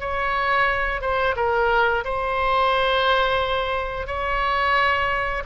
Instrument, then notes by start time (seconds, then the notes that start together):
oboe
0.00 C#5
1.01 C5
1.36 A#4
2.05 C5
4.07 C#5